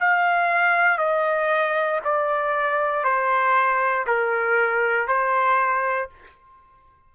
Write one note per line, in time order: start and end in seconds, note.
0.00 0.98 F5
0.98 2.00 D#5
2.04 3.04 D5
3.04 4.06 C5
4.07 5.08 A#4
5.08 6.09 C5